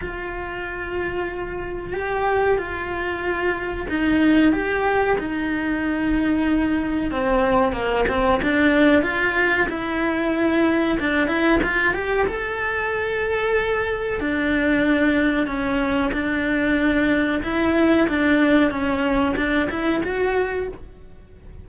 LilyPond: \new Staff \with { instrumentName = "cello" } { \time 4/4 \tempo 4 = 93 f'2. g'4 | f'2 dis'4 g'4 | dis'2. c'4 | ais8 c'8 d'4 f'4 e'4~ |
e'4 d'8 e'8 f'8 g'8 a'4~ | a'2 d'2 | cis'4 d'2 e'4 | d'4 cis'4 d'8 e'8 fis'4 | }